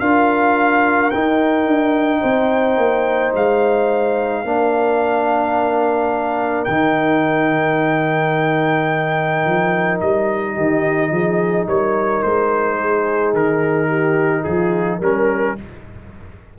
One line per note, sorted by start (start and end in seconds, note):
0.00 1.12 D4
0.00 1.12 F4
0.00 2.21 A#4
0.00 1.11 F5
1.11 4.46 D#4
1.11 1.66 D#4
1.11 3.33 G5
1.66 2.22 D4
2.21 2.78 C4
2.21 4.43 C5
2.78 3.33 A#3
3.34 4.44 G#3
3.34 6.65 F5
4.44 6.67 A#3
4.44 6.68 D4
4.44 10.54 A#4
6.65 9.46 D#3
6.65 15.02 D#4
6.65 9.98 G5
9.46 10.01 F3
10.01 10.57 G3
10.01 11.67 D#5
10.54 11.11 D#3
10.54 11.10 G4
11.11 11.67 F3
11.11 11.68 G#4
11.67 12.23 G3
11.67 12.78 A#4
11.67 12.23 C#5
12.23 13.34 G#3
12.23 13.34 C5
12.78 13.88 G#4
13.34 14.45 D#3
13.34 14.44 A#4
13.88 14.43 G4
14.44 15.00 F3
14.44 14.99 F4
14.44 15.00 G#4
14.99 15.56 G3
14.99 15.58 C#4
14.99 15.54 A#4
14.99 15.59 A#4